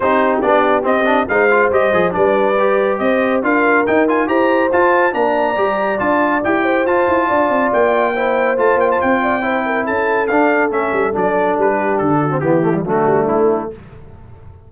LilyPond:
<<
  \new Staff \with { instrumentName = "trumpet" } { \time 4/4 \tempo 4 = 140 c''4 d''4 dis''4 f''4 | dis''4 d''2 dis''4 | f''4 g''8 gis''8 ais''4 a''4 | ais''2 a''4 g''4 |
a''2 g''2 | a''8 g''16 a''16 g''2 a''4 | f''4 e''4 d''4 b'4 | a'4 g'4 fis'4 e'4 | }
  \new Staff \with { instrumentName = "horn" } { \time 4/4 g'2. c''4~ | c''4 b'2 c''4 | ais'2 c''2 | d''2.~ d''8 c''8~ |
c''4 d''2 c''4~ | c''4. d''8 c''8 ais'8 a'4~ | a'2.~ a'8 g'8~ | g'8 fis'8 e'4 d'2 | }
  \new Staff \with { instrumentName = "trombone" } { \time 4/4 dis'4 d'4 c'8 d'8 dis'8 f'8 | g'8 gis'8 d'4 g'2 | f'4 dis'8 f'8 g'4 f'4 | d'4 g'4 f'4 g'4 |
f'2. e'4 | f'2 e'2 | d'4 cis'4 d'2~ | d'8. c'16 b8 a16 g16 a2 | }
  \new Staff \with { instrumentName = "tuba" } { \time 4/4 c'4 b4 c'4 gis4 | g8 f8 g2 c'4 | d'4 dis'4 e'4 f'4 | ais4 g4 d'4 e'4 |
f'8 e'8 d'8 c'8 ais2 | a8 ais8 c'2 cis'4 | d'4 a8 g8 fis4 g4 | d4 e4 fis8 g8 a4 | }
>>